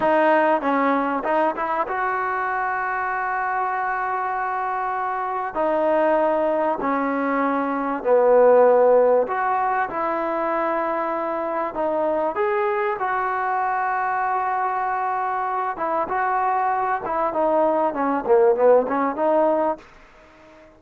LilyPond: \new Staff \with { instrumentName = "trombone" } { \time 4/4 \tempo 4 = 97 dis'4 cis'4 dis'8 e'8 fis'4~ | fis'1~ | fis'4 dis'2 cis'4~ | cis'4 b2 fis'4 |
e'2. dis'4 | gis'4 fis'2.~ | fis'4. e'8 fis'4. e'8 | dis'4 cis'8 ais8 b8 cis'8 dis'4 | }